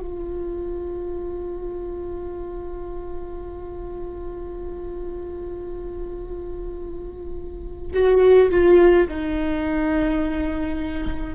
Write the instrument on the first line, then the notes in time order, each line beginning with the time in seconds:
viola
0.00 F4
7.93 F#4
8.51 F4
9.08 D#4